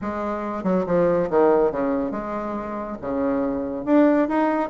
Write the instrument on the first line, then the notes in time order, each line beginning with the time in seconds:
bassoon
0.01 G#3
0.63 F#3
0.86 F3
1.30 D#3
1.71 C#3
2.11 G#3
3.01 C#3
3.85 D4
4.28 D#4